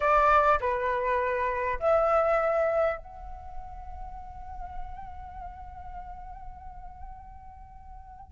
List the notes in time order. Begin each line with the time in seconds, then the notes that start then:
0.00 D5
0.60 B4
1.79 E5
2.97 F#5